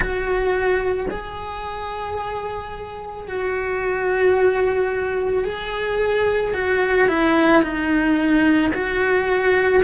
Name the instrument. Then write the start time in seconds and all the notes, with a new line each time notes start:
cello
0.00 F#4
1.10 G#4
3.27 F#4
5.44 G#4
6.53 F#4
7.08 E4
7.62 D#4
8.73 F#4